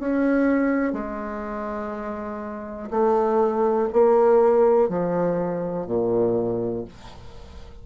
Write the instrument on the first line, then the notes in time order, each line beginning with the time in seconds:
bassoon
0.00 C#4
0.93 G#3
2.91 A3
3.93 A#3
4.89 F3
5.87 A#2